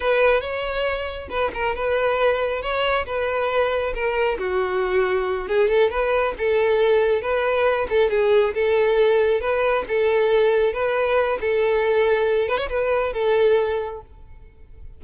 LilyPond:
\new Staff \with { instrumentName = "violin" } { \time 4/4 \tempo 4 = 137 b'4 cis''2 b'8 ais'8 | b'2 cis''4 b'4~ | b'4 ais'4 fis'2~ | fis'8 gis'8 a'8 b'4 a'4.~ |
a'8 b'4. a'8 gis'4 a'8~ | a'4. b'4 a'4.~ | a'8 b'4. a'2~ | a'8 b'16 cis''16 b'4 a'2 | }